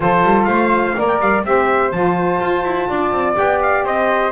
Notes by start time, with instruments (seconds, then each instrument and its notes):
0.00 double bass F3, saxophone F4, flute A4, trumpet C5
0.23 double bass G3
0.44 double bass A3, flute C5, trumpet F5
0.96 double bass A#3, saxophone A#4, flute D5
1.07 trumpet G5
1.20 double bass G3, trumpet F5
1.43 double bass C4, saxophone G4, flute C5, trumpet E5
1.91 double bass F3, saxophone F4, trumpet A5
2.40 double bass F4
2.64 double bass E4
2.89 double bass D4, flute D5
3.11 double bass C4
3.35 double bass B3, saxophone G4, trumpet G5
3.61 trumpet F5
3.83 double bass C4, flute C5, trumpet D#5